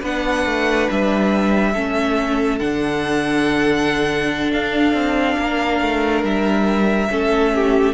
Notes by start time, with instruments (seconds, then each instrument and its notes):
0.00 cello B3, viola D4, violin B4 F#5
0.45 cello A3
0.91 cello G3, violin E5
1.74 cello A3, viola C#4, violin A4
2.59 cello D3, viola D4, violin F#5
4.52 cello D4, violin F5
4.93 cello C4
5.38 cello A#3, violin A#4
5.81 cello A3
6.23 cello G3, violin E5
7.10 cello A3, viola C#4, violin A4
7.54 violin G4